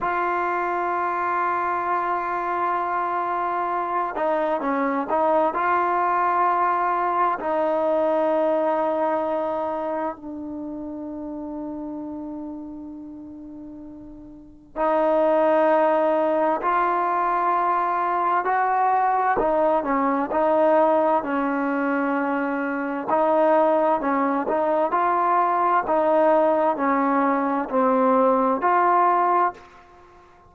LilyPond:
\new Staff \with { instrumentName = "trombone" } { \time 4/4 \tempo 4 = 65 f'1~ | f'8 dis'8 cis'8 dis'8 f'2 | dis'2. d'4~ | d'1 |
dis'2 f'2 | fis'4 dis'8 cis'8 dis'4 cis'4~ | cis'4 dis'4 cis'8 dis'8 f'4 | dis'4 cis'4 c'4 f'4 | }